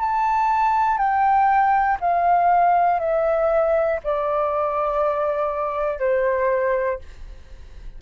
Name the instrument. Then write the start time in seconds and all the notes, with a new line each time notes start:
flute
0.00 A5
0.98 G5
2.00 F5
3.00 E5
4.04 D5
5.99 C5